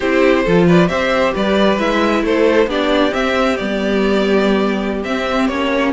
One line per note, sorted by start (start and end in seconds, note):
0.00 0.45 C4
0.00 0.46 E4
0.00 0.44 G4
0.00 0.67 C5
0.44 0.89 F3
0.44 0.88 F4
0.44 0.66 A4
0.66 0.89 B4
0.66 0.87 D5
0.87 1.33 C4
0.87 1.77 G4
0.87 1.33 C5
0.87 1.32 E5
1.33 1.79 G3
1.33 2.23 B4
1.33 1.79 D5
1.78 2.22 G#3
1.78 2.68 E4
1.78 2.24 E5
2.22 2.67 A3
2.22 2.69 A4
2.22 2.70 C5
2.67 3.11 B3
2.67 3.11 D4
2.67 5.93 G4
2.67 3.13 D5
3.11 3.56 C4
3.11 3.58 C4
3.11 3.57 E5
3.57 5.04 G3
3.57 5.04 B3
3.57 5.02 D5
5.04 5.48 C4
5.04 5.51 C4
5.04 5.47 E5
5.47 5.93 A#3
5.47 5.93 C#4
5.47 5.91 C#5